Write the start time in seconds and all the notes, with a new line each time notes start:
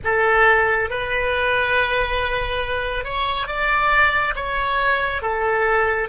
0.04 A4
0.90 B4
3.04 C#5
3.47 D5
4.35 C#5
5.22 A4